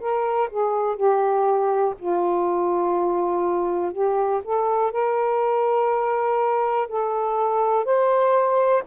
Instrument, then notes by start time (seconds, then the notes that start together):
saxophone
0.00 A#4
0.51 G#4
0.97 G4
1.99 F4
3.93 G4
4.44 A4
4.92 A#4
6.89 A4
7.85 C5